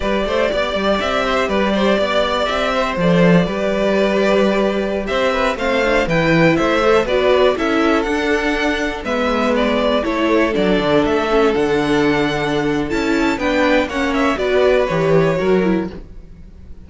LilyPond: <<
  \new Staff \with { instrumentName = "violin" } { \time 4/4 \tempo 4 = 121 d''2 e''4 d''4~ | d''4 e''4 d''2~ | d''2~ d''16 e''4 f''8.~ | f''16 g''4 e''4 d''4 e''8.~ |
e''16 fis''2 e''4 d''8.~ | d''16 cis''4 d''4 e''4 fis''8.~ | fis''2 a''4 g''4 | fis''8 e''8 d''4 cis''2 | }
  \new Staff \with { instrumentName = "violin" } { \time 4/4 b'8 c''8 d''4. c''8 b'8 c''8 | d''4. c''4. b'4~ | b'2~ b'16 c''8 b'8 c''8.~ | c''16 b'4 c''4 b'4 a'8.~ |
a'2~ a'16 b'4.~ b'16~ | b'16 a'2.~ a'8.~ | a'2. b'4 | cis''4 b'2 ais'4 | }
  \new Staff \with { instrumentName = "viola" } { \time 4/4 g'1~ | g'2 a'4 g'4~ | g'2.~ g'16 c'8 d'16~ | d'16 e'4. a'8 fis'4 e'8.~ |
e'16 d'2 b4.~ b16~ | b16 e'4 d'4. cis'8 d'8.~ | d'2 e'4 d'4 | cis'4 fis'4 g'4 fis'8 e'8 | }
  \new Staff \with { instrumentName = "cello" } { \time 4/4 g8 a8 b8 g8 c'4 g4 | b4 c'4 f4 g4~ | g2~ g16 c'4 a8.~ | a16 e4 a4 b4 cis'8.~ |
cis'16 d'2 gis4.~ gis16~ | gis16 a4 fis8 d8 a4 d8.~ | d2 cis'4 b4 | ais4 b4 e4 fis4 | }
>>